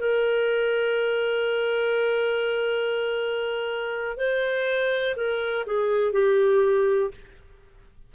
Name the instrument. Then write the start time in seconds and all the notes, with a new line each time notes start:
clarinet
0.00 A#4
4.17 C5
5.16 A#4
5.66 G#4
6.13 G4